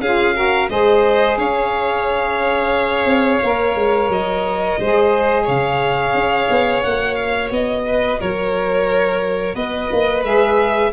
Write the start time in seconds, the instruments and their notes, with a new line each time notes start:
0.00 tuba C#4, saxophone F4, violin G#4 F5
0.34 saxophone F#4, violin A#4
0.68 tuba G#3, saxophone G#4, violin C5 D#5
1.37 tuba C#4, violin C#5 F5
3.06 tuba C4
3.43 tuba A#3, saxophone A#4
3.75 tuba G#3
4.08 tuba F#3, violin D#5
4.79 tuba G#3, saxophone G#4, violin C5
5.42 tuba C#3, violin C#5 F5
6.14 tuba C#4
6.49 tuba B3
6.82 tuba A#3, saxophone F#4, violin F#5
7.14 violin F5
7.50 tuba B3, violin D#5
7.86 violin B4
8.19 tuba F#3, violin A#4 C#5
9.54 tuba B3, violin B4 D#5
9.91 tuba A#3
10.23 tuba G#3, saxophone G#4, violin E5